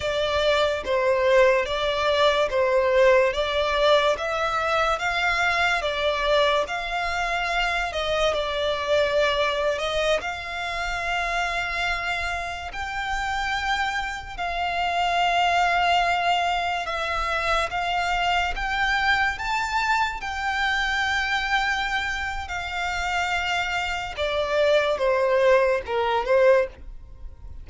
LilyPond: \new Staff \with { instrumentName = "violin" } { \time 4/4 \tempo 4 = 72 d''4 c''4 d''4 c''4 | d''4 e''4 f''4 d''4 | f''4. dis''8 d''4.~ d''16 dis''16~ | dis''16 f''2. g''8.~ |
g''4~ g''16 f''2~ f''8.~ | f''16 e''4 f''4 g''4 a''8.~ | a''16 g''2~ g''8. f''4~ | f''4 d''4 c''4 ais'8 c''8 | }